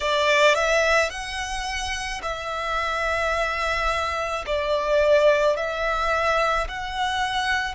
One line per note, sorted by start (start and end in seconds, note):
0.00 0.55 D5
0.55 1.10 E5
1.10 2.21 F#5
2.22 4.44 E5
4.46 5.56 D5
5.56 6.67 E5
6.68 7.74 F#5